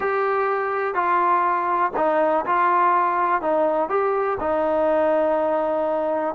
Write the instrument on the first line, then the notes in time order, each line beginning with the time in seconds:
trombone
0.00 G4
0.94 F4
1.96 D#4
2.45 F4
3.41 D#4
3.89 G4
4.39 D#4